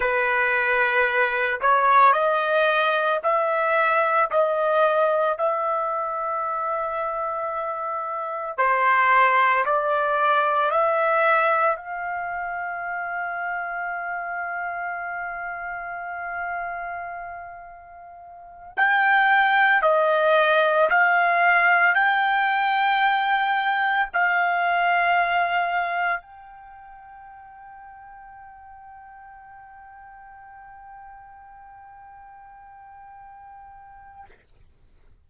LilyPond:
\new Staff \with { instrumentName = "trumpet" } { \time 4/4 \tempo 4 = 56 b'4. cis''8 dis''4 e''4 | dis''4 e''2. | c''4 d''4 e''4 f''4~ | f''1~ |
f''4. g''4 dis''4 f''8~ | f''8 g''2 f''4.~ | f''8 g''2.~ g''8~ | g''1 | }